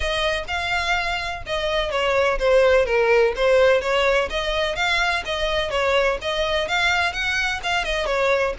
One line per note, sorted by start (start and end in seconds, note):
0.00 0.44 D#5
0.47 1.42 F5
1.46 1.90 D#5
1.90 2.38 C#5
2.38 2.85 C5
2.85 3.33 A#4
3.36 3.81 C5
3.81 4.28 C#5
4.30 4.75 D#5
4.75 5.23 F5
5.25 5.70 D#5
5.70 6.18 C#5
6.21 6.68 D#5
6.68 7.12 F5
7.12 7.60 F#5
7.63 7.84 F5
7.84 8.06 D#5
8.06 8.53 C#5